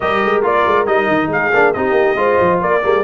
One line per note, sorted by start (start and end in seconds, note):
0.00 0.23 G3
0.00 0.42 G4
0.00 1.29 A#4
0.00 0.43 D#5
0.24 0.42 G#3
0.42 0.64 A#3
0.42 0.86 F4
0.42 0.86 D5
0.65 0.86 G#3
0.86 1.08 G3
0.86 1.52 D#4
0.86 1.29 D#5
1.08 1.27 D#3
1.27 1.49 G#3
1.27 1.73 F5
1.33 1.76 G#4
1.52 1.74 A#3
1.52 1.74 D4
1.73 1.91 C4
1.73 2.16 D#4
1.73 2.17 G4
1.73 2.60 D#5
1.91 2.13 A#3
2.14 2.36 G#3
2.14 2.81 F4
2.14 2.61 C5
2.40 2.62 F3
2.61 2.84 A#3
2.61 2.82 A#4
2.61 3.03 D5
2.82 3.03 G3
2.82 3.03 A#3
2.82 3.03 G#4